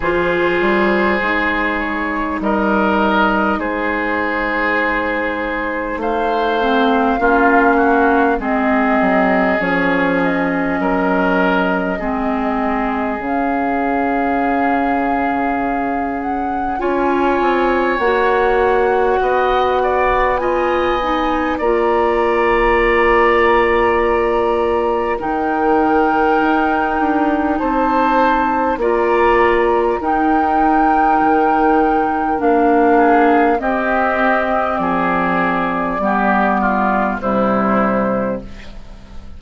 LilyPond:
<<
  \new Staff \with { instrumentName = "flute" } { \time 4/4 \tempo 4 = 50 c''4. cis''8 dis''4 c''4~ | c''4 f''2 dis''4 | cis''8 dis''2~ dis''8 f''4~ | f''4. fis''8 gis''4 fis''4~ |
fis''4 gis''4 ais''2~ | ais''4 g''2 a''4 | ais''4 g''2 f''4 | dis''4 d''2 c''4 | }
  \new Staff \with { instrumentName = "oboe" } { \time 4/4 gis'2 ais'4 gis'4~ | gis'4 c''4 f'8 fis'8 gis'4~ | gis'4 ais'4 gis'2~ | gis'2 cis''2 |
dis''8 d''8 dis''4 d''2~ | d''4 ais'2 c''4 | d''4 ais'2~ ais'8 gis'8 | g'4 gis'4 g'8 f'8 e'4 | }
  \new Staff \with { instrumentName = "clarinet" } { \time 4/4 f'4 dis'2.~ | dis'4. c'8 cis'4 c'4 | cis'2 c'4 cis'4~ | cis'2 f'4 fis'4~ |
fis'4 f'8 dis'8 f'2~ | f'4 dis'2. | f'4 dis'2 d'4 | c'2 b4 g4 | }
  \new Staff \with { instrumentName = "bassoon" } { \time 4/4 f8 g8 gis4 g4 gis4~ | gis4 a4 ais4 gis8 fis8 | f4 fis4 gis4 cis4~ | cis2 cis'8 c'8 ais4 |
b2 ais2~ | ais4 dis4 dis'8 d'8 c'4 | ais4 dis'4 dis4 ais4 | c'4 f4 g4 c4 | }
>>